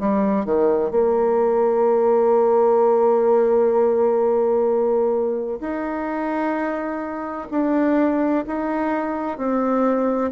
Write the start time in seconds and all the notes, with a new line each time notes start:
0.00 G3
0.46 D#3
0.91 A#3
5.61 D#4
7.51 D4
8.47 D#4
9.38 C4